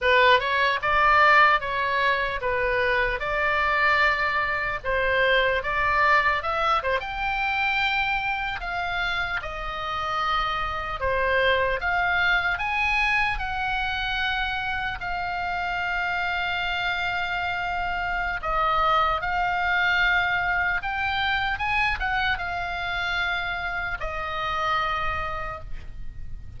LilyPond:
\new Staff \with { instrumentName = "oboe" } { \time 4/4 \tempo 4 = 75 b'8 cis''8 d''4 cis''4 b'4 | d''2 c''4 d''4 | e''8 c''16 g''2 f''4 dis''16~ | dis''4.~ dis''16 c''4 f''4 gis''16~ |
gis''8. fis''2 f''4~ f''16~ | f''2. dis''4 | f''2 g''4 gis''8 fis''8 | f''2 dis''2 | }